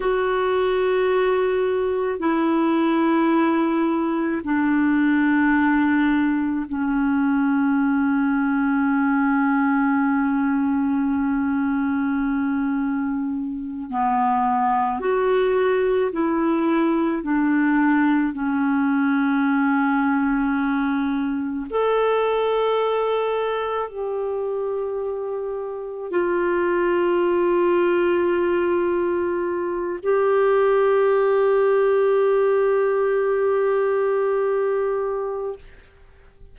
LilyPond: \new Staff \with { instrumentName = "clarinet" } { \time 4/4 \tempo 4 = 54 fis'2 e'2 | d'2 cis'2~ | cis'1~ | cis'8 b4 fis'4 e'4 d'8~ |
d'8 cis'2. a'8~ | a'4. g'2 f'8~ | f'2. g'4~ | g'1 | }